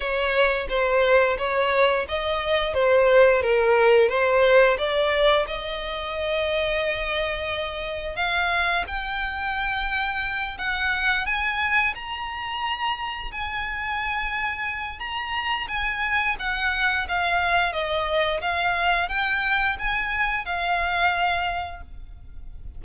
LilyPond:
\new Staff \with { instrumentName = "violin" } { \time 4/4 \tempo 4 = 88 cis''4 c''4 cis''4 dis''4 | c''4 ais'4 c''4 d''4 | dis''1 | f''4 g''2~ g''8 fis''8~ |
fis''8 gis''4 ais''2 gis''8~ | gis''2 ais''4 gis''4 | fis''4 f''4 dis''4 f''4 | g''4 gis''4 f''2 | }